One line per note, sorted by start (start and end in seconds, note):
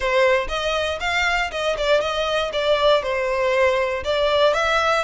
0.00 0.47 C5
0.48 0.98 D#5
1.00 1.50 F5
1.51 1.76 D#5
1.77 2.00 D5
2.00 2.51 D#5
2.52 3.03 D5
3.03 4.03 C5
4.04 4.53 D5
4.53 5.04 E5